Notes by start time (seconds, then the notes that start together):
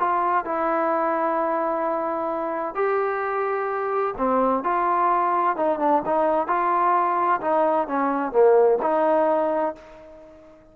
0.00 F4
0.45 E4
2.75 G4
4.18 C4
4.64 F4
5.57 D#4
5.80 D4
6.06 D#4
6.48 F4
7.41 D#4
7.88 C#4
8.33 A#3
8.83 D#4